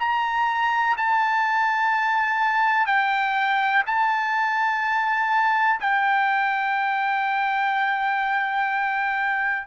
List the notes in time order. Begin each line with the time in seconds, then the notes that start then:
0.00 A#5
0.98 A5
2.87 G5
3.87 A5
5.81 G5